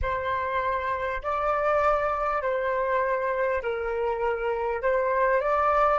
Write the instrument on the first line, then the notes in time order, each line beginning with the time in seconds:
flute
0.01 C5
1.22 D5
2.42 C5
3.62 A#4
4.82 C5
5.40 D5